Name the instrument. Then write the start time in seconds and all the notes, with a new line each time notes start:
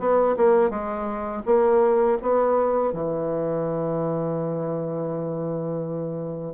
bassoon
0.00 B3
0.37 A#3
0.70 G#3
1.46 A#3
2.22 B3
2.93 E3